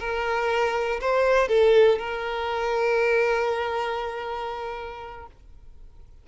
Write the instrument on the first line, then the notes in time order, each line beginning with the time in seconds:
violin
0.00 A#4
1.01 C5
1.49 A4
1.99 A#4